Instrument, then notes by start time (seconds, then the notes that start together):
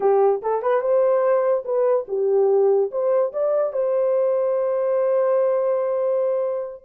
horn
0.00 G4
0.42 A4
0.62 B4
0.81 C5
1.64 B4
2.08 G4
2.91 C5
3.32 D5
3.72 C5